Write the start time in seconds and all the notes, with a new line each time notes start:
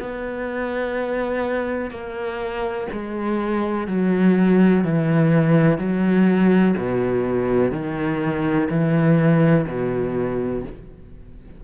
0.00 B3
1.91 A#3
2.93 G#3
3.88 F#3
4.84 E3
5.78 F#3
6.77 B2
7.72 D#3
8.70 E3
9.67 B2